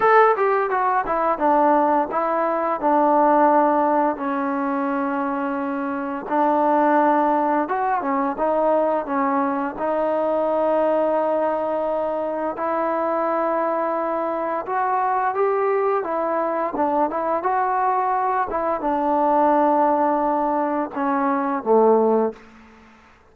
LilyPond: \new Staff \with { instrumentName = "trombone" } { \time 4/4 \tempo 4 = 86 a'8 g'8 fis'8 e'8 d'4 e'4 | d'2 cis'2~ | cis'4 d'2 fis'8 cis'8 | dis'4 cis'4 dis'2~ |
dis'2 e'2~ | e'4 fis'4 g'4 e'4 | d'8 e'8 fis'4. e'8 d'4~ | d'2 cis'4 a4 | }